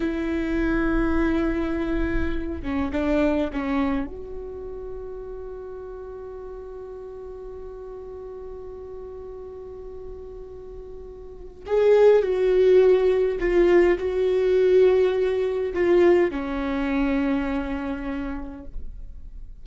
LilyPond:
\new Staff \with { instrumentName = "viola" } { \time 4/4 \tempo 4 = 103 e'1~ | e'8 cis'8 d'4 cis'4 fis'4~ | fis'1~ | fis'1~ |
fis'1 | gis'4 fis'2 f'4 | fis'2. f'4 | cis'1 | }